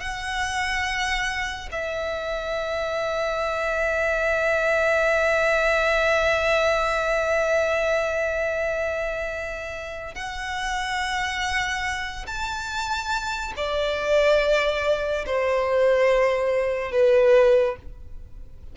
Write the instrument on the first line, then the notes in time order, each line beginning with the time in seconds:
violin
0.00 F#5
1.71 E5
10.15 F#5
12.27 A5
13.56 D5
15.26 C5
16.92 B4